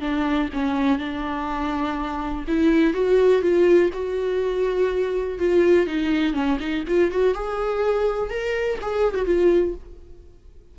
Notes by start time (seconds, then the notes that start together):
0.00 D4
0.53 C#4
0.98 D4
2.47 E4
2.93 F#4
3.41 F4
3.93 F#4
5.38 F4
5.86 D#4
6.33 C#4
6.59 D#4
6.87 F4
7.11 F#4
7.34 G#4
8.29 A#4
8.81 G#4
9.14 F#4
9.25 F4